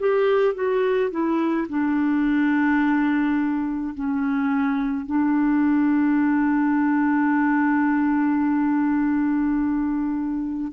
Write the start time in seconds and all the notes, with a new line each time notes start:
0.00 G4
0.55 F#4
1.11 E4
1.69 D4
3.95 C#4
5.06 D4